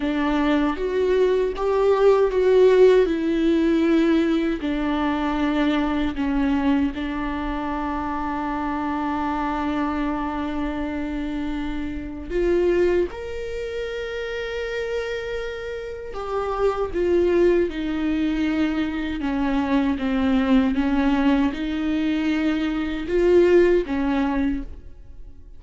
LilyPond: \new Staff \with { instrumentName = "viola" } { \time 4/4 \tempo 4 = 78 d'4 fis'4 g'4 fis'4 | e'2 d'2 | cis'4 d'2.~ | d'1 |
f'4 ais'2.~ | ais'4 g'4 f'4 dis'4~ | dis'4 cis'4 c'4 cis'4 | dis'2 f'4 cis'4 | }